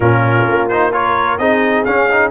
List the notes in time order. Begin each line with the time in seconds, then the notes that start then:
0.00 A#2 C#4 F4 A#4
0.48 A#3
0.68 D#4 C5
0.92 F4 A#4 C#5
1.37 C4 D#4 G#4 D#5
1.84 C#4 F5
2.10 D#4